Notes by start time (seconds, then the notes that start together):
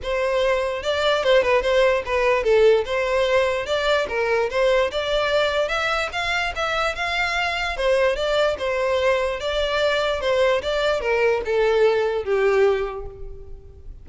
0.02 C5
0.82 D5
1.23 C5
1.42 B4
1.62 C5
2.05 B4
2.43 A4
2.85 C5
3.65 D5
4.08 A#4
4.49 C5
4.91 D5
5.68 E5
6.12 F5
6.55 E5
6.95 F5
7.77 C5
8.16 D5
8.58 C5
9.40 D5
10.21 C5
10.62 D5
11.00 A#4
11.45 A4
12.24 G4